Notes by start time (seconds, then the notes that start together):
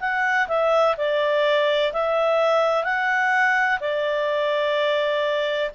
0.00 F#5
0.48 E5
0.97 D5
1.93 E5
2.84 F#5
3.81 D5